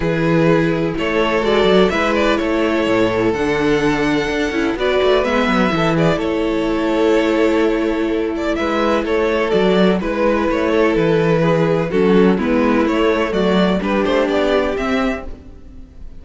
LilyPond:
<<
  \new Staff \with { instrumentName = "violin" } { \time 4/4 \tempo 4 = 126 b'2 cis''4 d''4 | e''8 d''8 cis''2 fis''4~ | fis''2 d''4 e''4~ | e''8 d''8 cis''2.~ |
cis''4. d''8 e''4 cis''4 | d''4 b'4 cis''4 b'4~ | b'4 a'4 b'4 cis''4 | d''4 b'8 c''8 d''4 e''4 | }
  \new Staff \with { instrumentName = "violin" } { \time 4/4 gis'2 a'2 | b'4 a'2.~ | a'2 b'2 | a'8 gis'8 a'2.~ |
a'2 b'4 a'4~ | a'4 b'4. a'4. | gis'4 fis'4 e'2 | fis'4 g'2. | }
  \new Staff \with { instrumentName = "viola" } { \time 4/4 e'2. fis'4 | e'2. d'4~ | d'4. e'8 fis'4 b4 | e'1~ |
e'1 | fis'4 e'2.~ | e'4 cis'4 b4 a4~ | a4 d'2 c'4 | }
  \new Staff \with { instrumentName = "cello" } { \time 4/4 e2 a4 gis8 fis8 | gis4 a4 a,4 d4~ | d4 d'8 cis'8 b8 a8 gis8 fis8 | e4 a2.~ |
a2 gis4 a4 | fis4 gis4 a4 e4~ | e4 fis4 gis4 a4 | fis4 g8 a8 b4 c'4 | }
>>